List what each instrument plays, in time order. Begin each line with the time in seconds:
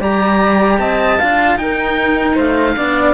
0.00 cello G3 G4, flute D5, oboe A#5
0.78 cello C4, flute D#5, oboe A5
1.19 cello D4 F4, flute F5
1.56 cello D#4, flute A#4, oboe G5
2.35 cello A3, flute C5, oboe F5
2.76 cello B3 D4, flute D5